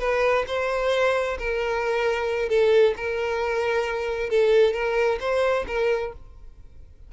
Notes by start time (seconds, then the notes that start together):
0.00 B4
0.48 C5
1.39 A#4
2.49 A4
2.97 A#4
4.30 A4
4.73 A#4
5.20 C5
5.68 A#4